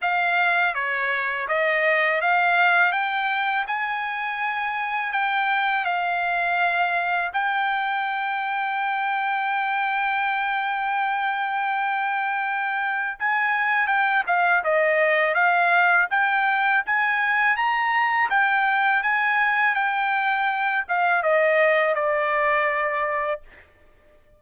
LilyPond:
\new Staff \with { instrumentName = "trumpet" } { \time 4/4 \tempo 4 = 82 f''4 cis''4 dis''4 f''4 | g''4 gis''2 g''4 | f''2 g''2~ | g''1~ |
g''2 gis''4 g''8 f''8 | dis''4 f''4 g''4 gis''4 | ais''4 g''4 gis''4 g''4~ | g''8 f''8 dis''4 d''2 | }